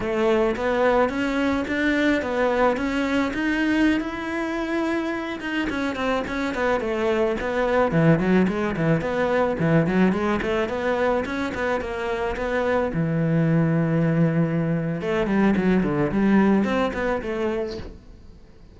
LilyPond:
\new Staff \with { instrumentName = "cello" } { \time 4/4 \tempo 4 = 108 a4 b4 cis'4 d'4 | b4 cis'4 dis'4~ dis'16 e'8.~ | e'4.~ e'16 dis'8 cis'8 c'8 cis'8 b16~ | b16 a4 b4 e8 fis8 gis8 e16~ |
e16 b4 e8 fis8 gis8 a8 b8.~ | b16 cis'8 b8 ais4 b4 e8.~ | e2. a8 g8 | fis8 d8 g4 c'8 b8 a4 | }